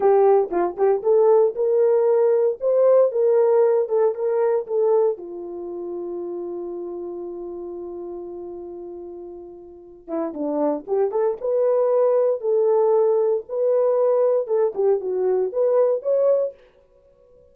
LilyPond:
\new Staff \with { instrumentName = "horn" } { \time 4/4 \tempo 4 = 116 g'4 f'8 g'8 a'4 ais'4~ | ais'4 c''4 ais'4. a'8 | ais'4 a'4 f'2~ | f'1~ |
f'2.~ f'8 e'8 | d'4 g'8 a'8 b'2 | a'2 b'2 | a'8 g'8 fis'4 b'4 cis''4 | }